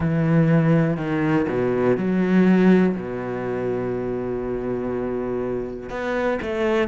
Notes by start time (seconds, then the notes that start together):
0.00 E3
0.96 D#3
1.48 B2
1.97 F#3
2.96 B2
5.89 B3
6.42 A3